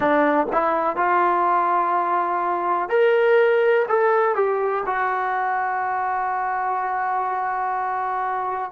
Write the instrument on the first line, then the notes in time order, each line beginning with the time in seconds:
trombone
0.00 D4
0.52 E4
0.96 F4
2.89 A#4
3.88 A4
4.35 G4
4.86 F#4